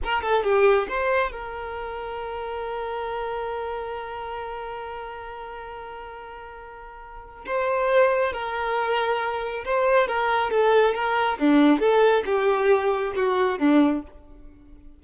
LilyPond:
\new Staff \with { instrumentName = "violin" } { \time 4/4 \tempo 4 = 137 ais'8 a'8 g'4 c''4 ais'4~ | ais'1~ | ais'1~ | ais'1~ |
ais'4 c''2 ais'4~ | ais'2 c''4 ais'4 | a'4 ais'4 d'4 a'4 | g'2 fis'4 d'4 | }